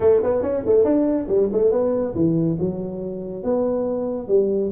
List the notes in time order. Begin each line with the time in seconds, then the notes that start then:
0.00 A3
0.23 B3
0.42 C#4
0.66 A3
0.84 D4
1.28 G3
1.52 A3
1.71 B3
2.14 E3
2.59 F#3
3.43 B3
4.28 G3